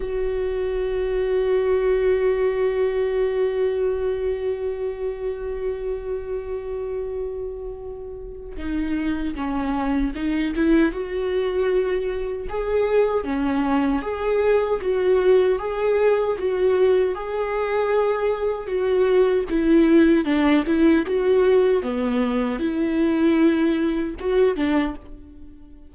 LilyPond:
\new Staff \with { instrumentName = "viola" } { \time 4/4 \tempo 4 = 77 fis'1~ | fis'1~ | fis'2. dis'4 | cis'4 dis'8 e'8 fis'2 |
gis'4 cis'4 gis'4 fis'4 | gis'4 fis'4 gis'2 | fis'4 e'4 d'8 e'8 fis'4 | b4 e'2 fis'8 d'8 | }